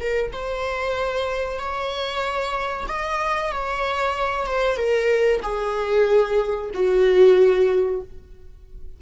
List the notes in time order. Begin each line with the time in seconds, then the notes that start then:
0.00 A#4
0.32 C5
1.59 C#5
2.88 D#5
3.52 C#5
4.47 C5
4.77 A#4
5.43 G#4
6.74 F#4